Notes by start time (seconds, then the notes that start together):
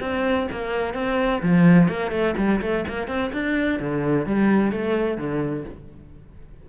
0.00 C4
0.52 A#3
0.94 C4
1.42 F3
1.88 A#3
2.11 A3
2.37 G3
2.61 A3
2.88 A#3
3.08 C4
3.33 D4
3.79 D3
4.26 G3
4.72 A3
5.18 D3